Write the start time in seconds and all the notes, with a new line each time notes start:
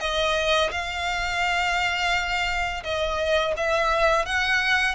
0.00 D#5
0.72 F5
2.84 D#5
3.57 E5
4.25 F#5